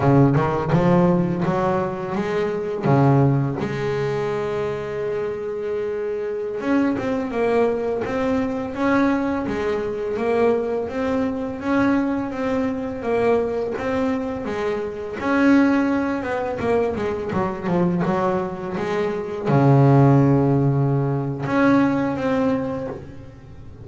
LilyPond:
\new Staff \with { instrumentName = "double bass" } { \time 4/4 \tempo 4 = 84 cis8 dis8 f4 fis4 gis4 | cis4 gis2.~ | gis4~ gis16 cis'8 c'8 ais4 c'8.~ | c'16 cis'4 gis4 ais4 c'8.~ |
c'16 cis'4 c'4 ais4 c'8.~ | c'16 gis4 cis'4. b8 ais8 gis16~ | gis16 fis8 f8 fis4 gis4 cis8.~ | cis2 cis'4 c'4 | }